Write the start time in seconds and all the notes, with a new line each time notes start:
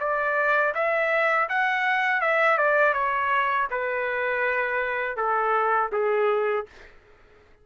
0.00 D5
0.75 E5
1.49 F#5
2.22 E5
2.58 D5
2.94 C#5
3.71 B4
5.17 A4
5.92 G#4